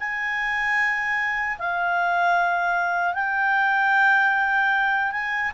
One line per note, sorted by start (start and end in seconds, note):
0.00 1.58 G#5
1.59 3.15 F5
3.15 5.12 G5
5.12 5.52 G#5